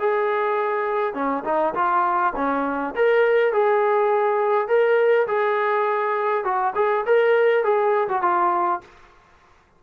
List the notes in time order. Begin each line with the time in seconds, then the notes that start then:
0.00 G#4
1.14 C#4
1.45 D#4
1.75 F4
2.36 C#4
2.96 A#4
3.53 G#4
4.68 A#4
5.28 G#4
6.44 F#4
6.75 G#4
7.06 A#4
7.64 G#4
8.09 F#4
8.22 F4